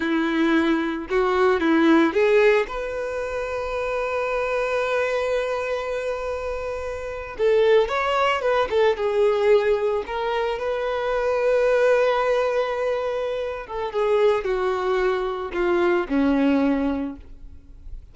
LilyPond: \new Staff \with { instrumentName = "violin" } { \time 4/4 \tempo 4 = 112 e'2 fis'4 e'4 | gis'4 b'2.~ | b'1~ | b'4.~ b'16 a'4 cis''4 b'16~ |
b'16 a'8 gis'2 ais'4 b'16~ | b'1~ | b'4. a'8 gis'4 fis'4~ | fis'4 f'4 cis'2 | }